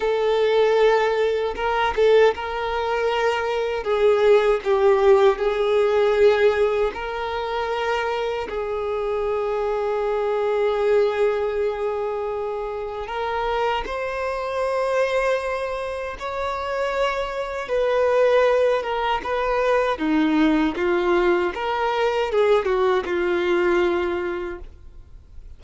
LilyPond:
\new Staff \with { instrumentName = "violin" } { \time 4/4 \tempo 4 = 78 a'2 ais'8 a'8 ais'4~ | ais'4 gis'4 g'4 gis'4~ | gis'4 ais'2 gis'4~ | gis'1~ |
gis'4 ais'4 c''2~ | c''4 cis''2 b'4~ | b'8 ais'8 b'4 dis'4 f'4 | ais'4 gis'8 fis'8 f'2 | }